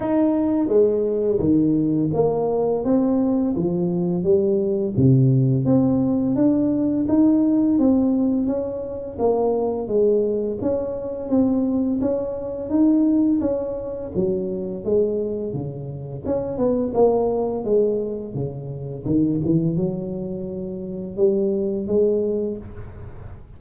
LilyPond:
\new Staff \with { instrumentName = "tuba" } { \time 4/4 \tempo 4 = 85 dis'4 gis4 dis4 ais4 | c'4 f4 g4 c4 | c'4 d'4 dis'4 c'4 | cis'4 ais4 gis4 cis'4 |
c'4 cis'4 dis'4 cis'4 | fis4 gis4 cis4 cis'8 b8 | ais4 gis4 cis4 dis8 e8 | fis2 g4 gis4 | }